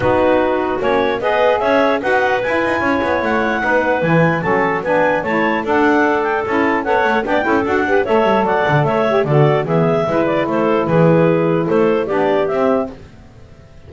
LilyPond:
<<
  \new Staff \with { instrumentName = "clarinet" } { \time 4/4 \tempo 4 = 149 b'2 cis''4 dis''4 | e''4 fis''4 gis''2 | fis''2 gis''4 a''4 | gis''4 a''4 fis''4. g''8 |
a''4 fis''4 g''4 fis''4 | e''4 fis''4 e''4 d''4 | e''4. d''8 c''4 b'4~ | b'4 c''4 d''4 e''4 | }
  \new Staff \with { instrumentName = "clarinet" } { \time 4/4 fis'2. b'4 | cis''4 b'2 cis''4~ | cis''4 b'2 a'4 | b'4 cis''4 a'2~ |
a'4 cis''4 d''8 a'4 b'8 | cis''4 d''4 cis''4 a'4 | gis'4 b'4 a'4 gis'4~ | gis'4 a'4 g'2 | }
  \new Staff \with { instrumentName = "saxophone" } { \time 4/4 dis'2 cis'4 gis'4~ | gis'4 fis'4 e'2~ | e'4 dis'4 e'4 cis'4 | d'4 e'4 d'2 |
e'4 a'4 d'8 e'8 fis'8 g'8 | a'2~ a'8 g'8 fis'4 | b4 e'2.~ | e'2 d'4 c'4 | }
  \new Staff \with { instrumentName = "double bass" } { \time 4/4 b2 ais4 b4 | cis'4 dis'4 e'8 dis'8 cis'8 b8 | a4 b4 e4 fis4 | b4 a4 d'2 |
cis'4 b8 a8 b8 cis'8 d'4 | a8 g8 fis8 d8 a4 d4 | e4 gis4 a4 e4~ | e4 a4 b4 c'4 | }
>>